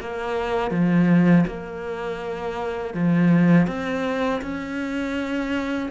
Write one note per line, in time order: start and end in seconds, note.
0.00 0.70 A#3
0.70 1.44 F3
1.47 2.93 A#3
2.93 3.67 F3
3.67 4.41 C4
4.41 5.89 C#4